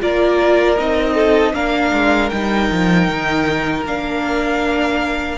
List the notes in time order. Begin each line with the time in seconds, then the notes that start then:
0.00 A#3 F4 A#4 D5
0.77 C4 D#4 D#5
1.14 A4
1.53 A#3 D4 A#4 F5
1.93 G#3
2.29 G3 D#4 G5
2.71 F3
3.08 D#3
3.85 A#3 D4 F5